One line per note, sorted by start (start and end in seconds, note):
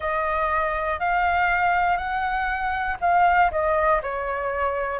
0.00 1.00 D#5
1.00 1.97 F5
1.97 2.97 F#5
3.00 3.50 F5
3.50 4.00 D#5
4.02 4.99 C#5